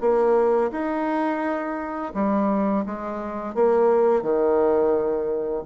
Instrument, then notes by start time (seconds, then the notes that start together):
bassoon
0.00 A#3
0.71 D#4
2.14 G3
2.85 G#3
3.54 A#3
4.22 D#3